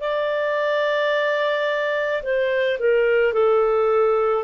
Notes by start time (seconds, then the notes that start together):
0.00 D5
2.22 C5
2.79 A#4
3.33 A4